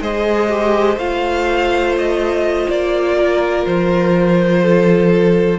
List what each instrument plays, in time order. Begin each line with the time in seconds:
0.00 cello G#3, viola G#4, violin C5 D#5
0.49 viola G4
0.97 cello A3, viola F4, violin F5
1.98 violin D#5
2.69 cello A#3, violin D5
3.17 violin A#4
3.65 cello F3, violin C5
4.62 violin A4